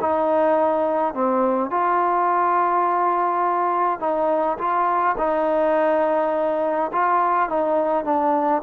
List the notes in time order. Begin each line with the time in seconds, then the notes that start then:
0.00 D#4
1.14 C4
1.70 F4
4.00 D#4
4.58 F4
5.18 D#4
6.92 F4
7.49 D#4
8.04 D4